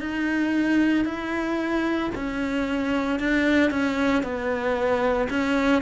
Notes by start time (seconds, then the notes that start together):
0.00 D#4
1.04 E4
2.15 C#4
3.19 D4
3.70 C#4
4.23 B3
5.30 C#4